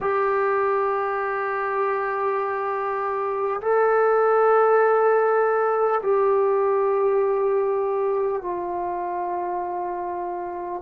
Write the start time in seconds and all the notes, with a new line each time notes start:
0.00 G4
3.61 A4
6.03 G4
8.42 F4